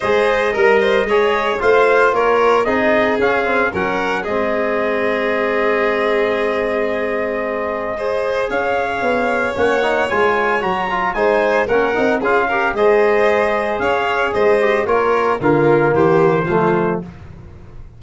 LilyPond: <<
  \new Staff \with { instrumentName = "trumpet" } { \time 4/4 \tempo 4 = 113 dis''2. f''4 | cis''4 dis''4 f''4 fis''4 | dis''1~ | dis''1 |
f''2 fis''4 gis''4 | ais''4 gis''4 fis''4 f''4 | dis''2 f''4 dis''4 | cis''4 ais'4 c''2 | }
  \new Staff \with { instrumentName = "violin" } { \time 4/4 c''4 ais'8 c''8 cis''4 c''4 | ais'4 gis'2 ais'4 | gis'1~ | gis'2. c''4 |
cis''1~ | cis''4 c''4 ais'4 gis'8 ais'8 | c''2 cis''4 c''4 | ais'4 f'4 g'4 f'4 | }
  \new Staff \with { instrumentName = "trombone" } { \time 4/4 gis'4 ais'4 gis'4 f'4~ | f'4 dis'4 cis'8 c'8 cis'4 | c'1~ | c'2. gis'4~ |
gis'2 cis'8 dis'8 f'4 | fis'8 f'8 dis'4 cis'8 dis'8 f'8 g'8 | gis'2.~ gis'8 g'8 | f'4 ais2 a4 | }
  \new Staff \with { instrumentName = "tuba" } { \time 4/4 gis4 g4 gis4 a4 | ais4 c'4 cis'4 fis4 | gis1~ | gis1 |
cis'4 b4 ais4 gis4 | fis4 gis4 ais8 c'8 cis'4 | gis2 cis'4 gis4 | ais4 d4 e4 f4 | }
>>